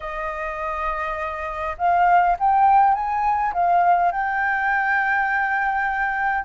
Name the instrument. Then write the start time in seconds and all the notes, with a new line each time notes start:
flute
0.00 D#5
1.78 F5
2.39 G5
2.94 G#5
3.53 F5
4.11 G5